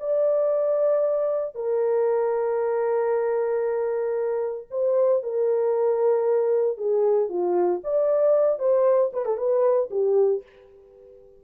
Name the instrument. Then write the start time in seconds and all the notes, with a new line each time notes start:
horn
0.00 D5
1.55 A#4
4.71 C5
5.23 A#4
6.77 G#4
7.29 F4
7.84 D5
8.59 C5
9.13 B4
9.26 A4
9.37 B4
9.91 G4